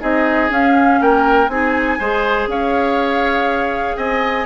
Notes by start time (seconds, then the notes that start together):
0.00 C4 D#4 G#4 D#5
0.50 C#4 F5
1.01 A#3 A#4 G5
1.48 C4 D#4 G#4 G#5
1.99 G#3 G#4 C5
2.47 C#4 C#5 F5
3.97 C4 D#5 G#5